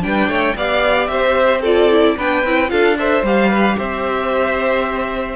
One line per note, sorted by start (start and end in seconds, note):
0.00 0.28 G3
0.00 0.54 D4
0.00 0.29 B4
0.00 0.56 G5
0.28 0.55 A3
0.28 0.56 C#5
0.55 1.08 B3
0.55 1.64 G4
0.55 1.10 D5
0.55 1.07 F5
1.07 2.15 C4
1.07 1.61 C5
1.07 1.61 E5
1.61 1.90 F4
1.61 2.15 A4
1.61 2.18 D5
1.90 2.17 E4
2.17 2.43 B3
2.17 2.45 D4
2.17 2.71 B4
2.17 2.70 G5
2.43 2.70 C4
2.43 2.68 E4
2.68 3.22 D4
2.68 2.95 F4
2.68 2.98 A4
2.68 2.96 F5
2.98 3.24 A4
2.98 3.49 C5
2.98 3.25 E5
3.22 3.76 G3
3.22 5.36 G4
3.22 3.78 F5
3.49 3.76 B4
3.77 5.36 C4
3.77 5.36 C5
3.77 5.36 E5